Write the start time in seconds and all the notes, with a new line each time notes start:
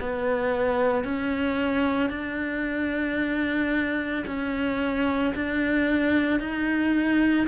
0.00 B3
1.04 C#4
2.09 D4
4.26 C#4
5.35 D4
6.39 D#4